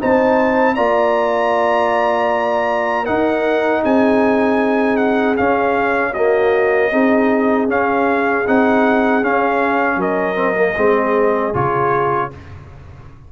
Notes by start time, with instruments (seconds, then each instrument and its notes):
0.00 tuba C4, trombone D#4, horn C5, trumpet A5
0.75 tuba A#3, trombone F4, horn D5, trumpet A#5
3.03 trombone D#4, tuba D#4, horn A#4, trumpet F#5
3.83 tuba C4, horn G#4, trumpet G#5
4.97 trumpet F#5
5.37 trombone C#4, tuba C#4, trumpet F5
6.12 trombone A#3, horn F#4, trumpet D#5
6.91 tuba C4, trombone D#4, horn G#4
7.68 tuba C#4, trombone C#4, trumpet F5
8.47 tuba C4, trombone D#4, trumpet F#5
9.22 tuba C#4, trombone C#4, trumpet F5
9.96 tuba F#3, horn A#4, trumpet D#5
10.35 trombone C4
10.55 trombone A#3
10.76 tuba G#3, trombone C4, horn G#4
11.54 tuba C#3, trombone F4, trumpet C#5